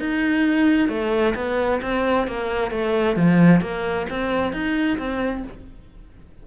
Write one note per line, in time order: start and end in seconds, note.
0.00 0.89 D#4
0.89 1.34 A3
1.35 1.81 B3
1.82 2.28 C4
2.28 2.71 A#3
2.71 3.17 A3
3.17 3.61 F3
3.61 4.07 A#3
4.10 4.52 C4
4.52 4.98 D#4
4.98 5.44 C4